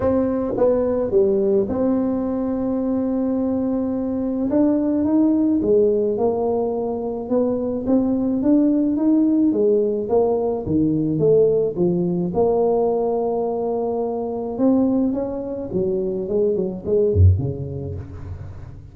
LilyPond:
\new Staff \with { instrumentName = "tuba" } { \time 4/4 \tempo 4 = 107 c'4 b4 g4 c'4~ | c'1 | d'4 dis'4 gis4 ais4~ | ais4 b4 c'4 d'4 |
dis'4 gis4 ais4 dis4 | a4 f4 ais2~ | ais2 c'4 cis'4 | fis4 gis8 fis8 gis8 fis,8 cis4 | }